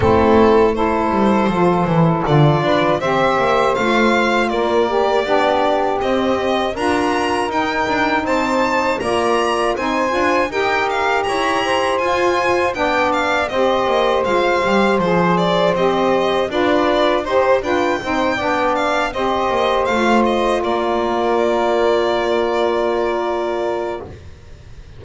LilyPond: <<
  \new Staff \with { instrumentName = "violin" } { \time 4/4 \tempo 4 = 80 a'4 c''2 d''4 | e''4 f''4 d''2 | dis''4 ais''4 g''4 a''4 | ais''4 gis''4 g''8 f''8 ais''4 |
gis''4 g''8 f''8 dis''4 f''4 | c''8 d''8 dis''4 d''4 c''8 g''8~ | g''4 f''8 dis''4 f''8 dis''8 d''8~ | d''1 | }
  \new Staff \with { instrumentName = "saxophone" } { \time 4/4 e'4 a'2~ a'8 b'8 | c''2 ais'4 g'4~ | g'4 ais'2 c''4 | d''4 c''4 ais'4 cis''8 c''8~ |
c''4 d''4 c''2~ | c''2 b'4 c''8 b'8 | c''8 d''4 c''2 ais'8~ | ais'1 | }
  \new Staff \with { instrumentName = "saxophone" } { \time 4/4 c'4 e'4 f'8 e'8 f'4 | g'4 f'4. g'8 d'4 | c'4 f'4 dis'2 | f'4 dis'8 f'8 g'2 |
f'4 d'4 g'4 f'8 g'8 | gis'4 g'4 f'4 g'8 f'8 | dis'8 d'4 g'4 f'4.~ | f'1 | }
  \new Staff \with { instrumentName = "double bass" } { \time 4/4 a4. g8 f8 e8 d8 d'8 | c'8 ais8 a4 ais4 b4 | c'4 d'4 dis'8 d'8 c'4 | ais4 c'8 d'8 dis'4 e'4 |
f'4 b4 c'8 ais8 gis8 g8 | f4 c'4 d'4 dis'8 d'8 | c'8 b4 c'8 ais8 a4 ais8~ | ais1 | }
>>